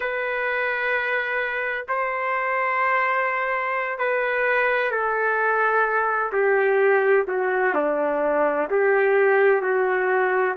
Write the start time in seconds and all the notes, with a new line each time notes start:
0.00 B4
1.88 C5
3.98 B4
4.90 A4
6.32 G4
7.27 F#4
7.74 D4
8.70 G4
9.61 F#4